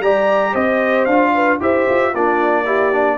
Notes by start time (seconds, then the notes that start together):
0.00 G3 G4 D5 A#5
0.53 C4 C5 D#5
1.05 D4 F4 F5
1.35 B4
1.60 E4 G4 C5 E5
1.89 F4
2.14 A#3 D4 F4 D5
2.66 E4 G4
2.92 D4